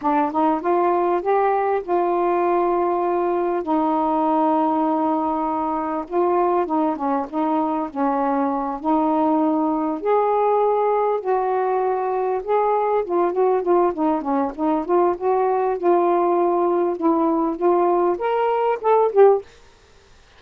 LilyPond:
\new Staff \with { instrumentName = "saxophone" } { \time 4/4 \tempo 4 = 99 d'8 dis'8 f'4 g'4 f'4~ | f'2 dis'2~ | dis'2 f'4 dis'8 cis'8 | dis'4 cis'4. dis'4.~ |
dis'8 gis'2 fis'4.~ | fis'8 gis'4 f'8 fis'8 f'8 dis'8 cis'8 | dis'8 f'8 fis'4 f'2 | e'4 f'4 ais'4 a'8 g'8 | }